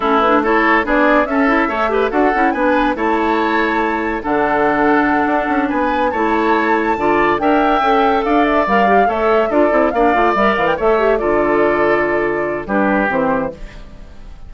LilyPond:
<<
  \new Staff \with { instrumentName = "flute" } { \time 4/4 \tempo 4 = 142 a'8 b'8 cis''4 d''4 e''4~ | e''4 fis''4 gis''4 a''4~ | a''2 fis''2~ | fis''4. gis''4 a''4.~ |
a''4. g''2 f''8 | e''8 f''4 e''4 d''4 f''8~ | f''8 e''8 f''16 g''16 e''4 d''4.~ | d''2 b'4 c''4 | }
  \new Staff \with { instrumentName = "oboe" } { \time 4/4 e'4 a'4 gis'4 a'4 | cis''8 b'8 a'4 b'4 cis''4~ | cis''2 a'2~ | a'4. b'4 cis''4.~ |
cis''8 d''4 e''2 d''8~ | d''4. cis''4 a'4 d''8~ | d''4. cis''4 a'4.~ | a'2 g'2 | }
  \new Staff \with { instrumentName = "clarinet" } { \time 4/4 cis'8 d'8 e'4 d'4 cis'8 e'8 | a'8 g'8 fis'8 e'8 d'4 e'4~ | e'2 d'2~ | d'2~ d'8 e'4.~ |
e'8 f'4 ais'4 a'4.~ | a'8 ais'8 g'8 a'4 f'8 e'8 d'8 | f'8 ais'4 a'8 g'8 f'4.~ | f'2 d'4 c'4 | }
  \new Staff \with { instrumentName = "bassoon" } { \time 4/4 a2 b4 cis'4 | a4 d'8 cis'8 b4 a4~ | a2 d2~ | d8 d'8 cis'8 b4 a4.~ |
a8 d4 d'4 cis'4 d'8~ | d'8 g4 a4 d'8 c'8 ais8 | a8 g8 e8 a4 d4.~ | d2 g4 e4 | }
>>